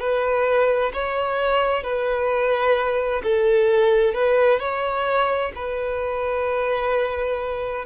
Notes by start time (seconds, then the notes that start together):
0.00 B4
0.94 C#5
1.83 B4
3.23 A4
4.14 B4
4.60 C#5
5.56 B4